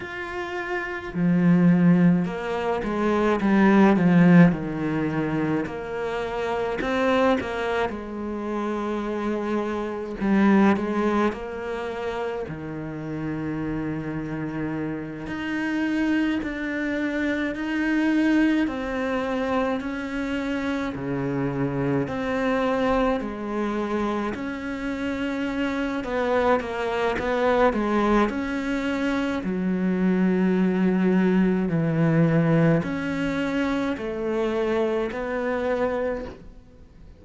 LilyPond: \new Staff \with { instrumentName = "cello" } { \time 4/4 \tempo 4 = 53 f'4 f4 ais8 gis8 g8 f8 | dis4 ais4 c'8 ais8 gis4~ | gis4 g8 gis8 ais4 dis4~ | dis4. dis'4 d'4 dis'8~ |
dis'8 c'4 cis'4 cis4 c'8~ | c'8 gis4 cis'4. b8 ais8 | b8 gis8 cis'4 fis2 | e4 cis'4 a4 b4 | }